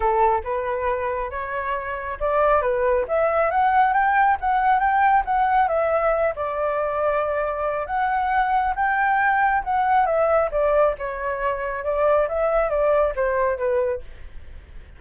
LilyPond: \new Staff \with { instrumentName = "flute" } { \time 4/4 \tempo 4 = 137 a'4 b'2 cis''4~ | cis''4 d''4 b'4 e''4 | fis''4 g''4 fis''4 g''4 | fis''4 e''4. d''4.~ |
d''2 fis''2 | g''2 fis''4 e''4 | d''4 cis''2 d''4 | e''4 d''4 c''4 b'4 | }